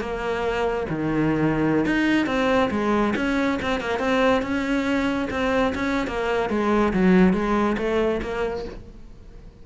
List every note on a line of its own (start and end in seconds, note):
0.00 0.86 A#3
0.89 1.85 D#3
1.85 2.26 D#4
2.26 2.69 C4
2.71 3.14 G#3
3.16 3.59 C#4
3.62 3.80 C4
3.80 3.99 A#3
3.99 4.42 C4
4.42 5.28 C#4
5.30 5.73 C4
5.74 6.07 C#4
6.07 6.50 A#3
6.50 6.93 G#3
6.93 7.33 F#3
7.33 7.76 G#3
7.77 8.21 A3
8.22 8.65 A#3